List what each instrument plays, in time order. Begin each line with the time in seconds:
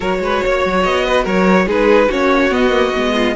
0.00 cello F#3, viola F#4, violin A#4 C#5
0.19 cello G#3, violin B4
0.45 cello A#3, violin C#5
0.65 cello F#3
0.83 cello B3, violin D#5
1.05 violin B4
1.23 cello F#3, violin A#4 C#5
1.66 cello G#3, viola D#4, violin G#4 B4
2.08 cello A#3, viola C#4, violin F#4 C#5
2.50 cello B3, viola B3, violin D#5
2.70 viola A#3
2.95 cello G#3, viola B3
3.14 violin F4